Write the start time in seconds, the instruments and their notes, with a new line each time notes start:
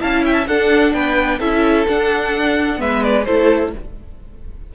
0.00 cello C#4, viola E4, violin F5 A5
0.25 violin E5 G5
0.34 violin A5
0.48 cello D4, viola D4, violin A4 F#5
0.94 cello B3, violin B4 G5
1.39 cello C#4, viola E4, violin A4 E5
1.89 viola D4, cello D4, violin F#5
2.77 cello G#3, viola B3, violin B4 E5
3.04 violin D5
3.25 cello A3, viola E4, violin A4 C5